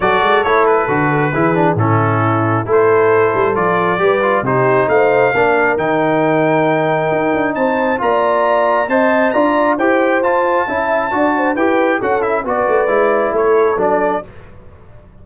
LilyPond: <<
  \new Staff \with { instrumentName = "trumpet" } { \time 4/4 \tempo 4 = 135 d''4 cis''8 b'2~ b'8 | a'2 c''2 | d''2 c''4 f''4~ | f''4 g''2.~ |
g''4 a''4 ais''2 | a''4 ais''4 g''4 a''4~ | a''2 g''4 fis''8 e''8 | d''2 cis''4 d''4 | }
  \new Staff \with { instrumentName = "horn" } { \time 4/4 a'2. gis'4 | e'2 a'2~ | a'4 b'4 g'4 c''4 | ais'1~ |
ais'4 c''4 d''2 | dis''4 d''4 c''2 | e''4 d''8 c''8 b'4 a'4 | b'2 a'2 | }
  \new Staff \with { instrumentName = "trombone" } { \time 4/4 fis'4 e'4 fis'4 e'8 d'8 | cis'2 e'2 | f'4 g'8 f'8 dis'2 | d'4 dis'2.~ |
dis'2 f'2 | c''4 f'4 g'4 f'4 | e'4 fis'4 g'4 fis'8 e'8 | fis'4 e'2 d'4 | }
  \new Staff \with { instrumentName = "tuba" } { \time 4/4 fis8 gis8 a4 d4 e4 | a,2 a4. g8 | f4 g4 c4 a4 | ais4 dis2. |
dis'8 d'8 c'4 ais2 | c'4 d'4 e'4 f'4 | cis'4 d'4 e'4 cis'4 | b8 a8 gis4 a4 fis4 | }
>>